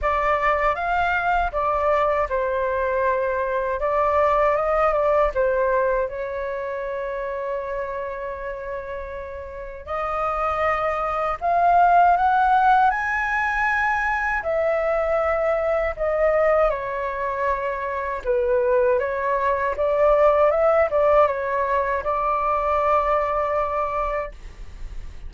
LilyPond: \new Staff \with { instrumentName = "flute" } { \time 4/4 \tempo 4 = 79 d''4 f''4 d''4 c''4~ | c''4 d''4 dis''8 d''8 c''4 | cis''1~ | cis''4 dis''2 f''4 |
fis''4 gis''2 e''4~ | e''4 dis''4 cis''2 | b'4 cis''4 d''4 e''8 d''8 | cis''4 d''2. | }